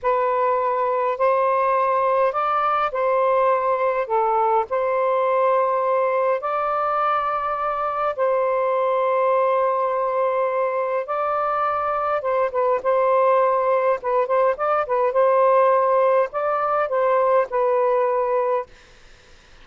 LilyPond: \new Staff \with { instrumentName = "saxophone" } { \time 4/4 \tempo 4 = 103 b'2 c''2 | d''4 c''2 a'4 | c''2. d''4~ | d''2 c''2~ |
c''2. d''4~ | d''4 c''8 b'8 c''2 | b'8 c''8 d''8 b'8 c''2 | d''4 c''4 b'2 | }